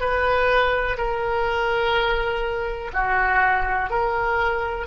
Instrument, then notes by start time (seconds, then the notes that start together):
oboe
0.00 B4
0.98 A#4
2.93 F#4
3.90 A#4